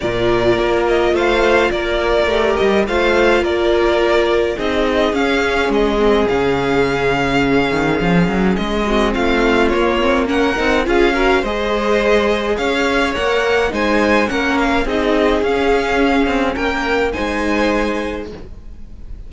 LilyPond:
<<
  \new Staff \with { instrumentName = "violin" } { \time 4/4 \tempo 4 = 105 d''4. dis''8 f''4 d''4~ | d''8 dis''8 f''4 d''2 | dis''4 f''4 dis''4 f''4~ | f''2. dis''4 |
f''4 cis''4 fis''4 f''4 | dis''2 f''4 fis''4 | gis''4 fis''8 f''8 dis''4 f''4~ | f''4 g''4 gis''2 | }
  \new Staff \with { instrumentName = "violin" } { \time 4/4 ais'2 c''4 ais'4~ | ais'4 c''4 ais'2 | gis'1~ | gis'2.~ gis'8 fis'8 |
f'2 ais'4 gis'8 ais'8 | c''2 cis''2 | c''4 ais'4 gis'2~ | gis'4 ais'4 c''2 | }
  \new Staff \with { instrumentName = "viola" } { \time 4/4 f'1 | g'4 f'2. | dis'4 cis'4. c'8 cis'4~ | cis'2.~ cis'8 c'8~ |
c'4 ais8 c'8 cis'8 dis'8 f'8 fis'8 | gis'2. ais'4 | dis'4 cis'4 dis'4 cis'4~ | cis'2 dis'2 | }
  \new Staff \with { instrumentName = "cello" } { \time 4/4 ais,4 ais4 a4 ais4 | a8 g8 a4 ais2 | c'4 cis'4 gis4 cis4~ | cis4. dis8 f8 fis8 gis4 |
a4 ais4. c'8 cis'4 | gis2 cis'4 ais4 | gis4 ais4 c'4 cis'4~ | cis'8 c'8 ais4 gis2 | }
>>